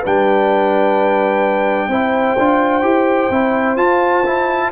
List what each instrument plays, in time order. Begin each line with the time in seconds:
0.00 tuba G3, trombone D4, horn B4, trumpet G5
1.88 tuba C4, trombone E4, horn C5
2.38 tuba D4, trombone F4
2.82 tuba E4, trombone G4
3.29 tuba C4, trombone E4
3.76 tuba F4, trombone F4, trumpet A5
4.26 trombone E4